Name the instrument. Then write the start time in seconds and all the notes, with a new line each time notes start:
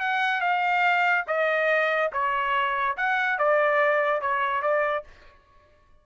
trumpet
0.00 F#5
0.41 F5
1.27 D#5
2.12 C#5
2.97 F#5
3.38 D5
4.21 C#5
4.62 D5